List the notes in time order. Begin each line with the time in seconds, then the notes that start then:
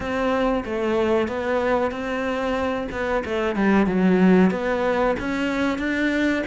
0.00 C4
0.65 A3
1.28 B3
1.91 C4
2.91 B3
3.25 A3
3.55 G3
3.86 F#3
4.50 B3
5.19 C#4
5.78 D4